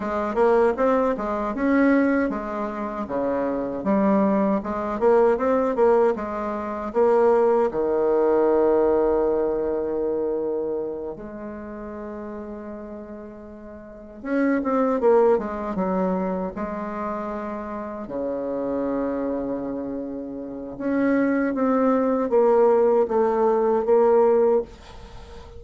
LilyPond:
\new Staff \with { instrumentName = "bassoon" } { \time 4/4 \tempo 4 = 78 gis8 ais8 c'8 gis8 cis'4 gis4 | cis4 g4 gis8 ais8 c'8 ais8 | gis4 ais4 dis2~ | dis2~ dis8 gis4.~ |
gis2~ gis8 cis'8 c'8 ais8 | gis8 fis4 gis2 cis8~ | cis2. cis'4 | c'4 ais4 a4 ais4 | }